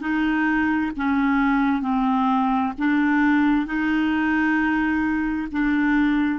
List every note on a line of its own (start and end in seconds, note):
0.00 0.91 D#4
0.96 1.81 C#4
1.81 2.72 C4
2.78 3.66 D4
3.66 5.48 D#4
5.51 6.39 D4